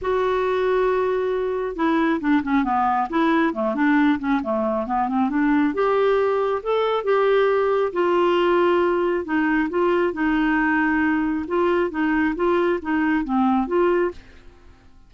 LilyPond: \new Staff \with { instrumentName = "clarinet" } { \time 4/4 \tempo 4 = 136 fis'1 | e'4 d'8 cis'8 b4 e'4 | a8 d'4 cis'8 a4 b8 c'8 | d'4 g'2 a'4 |
g'2 f'2~ | f'4 dis'4 f'4 dis'4~ | dis'2 f'4 dis'4 | f'4 dis'4 c'4 f'4 | }